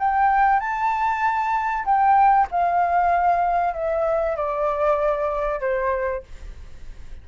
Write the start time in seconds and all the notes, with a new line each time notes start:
0.00 G5
0.60 A5
1.86 G5
2.51 F5
3.74 E5
4.36 D5
5.61 C5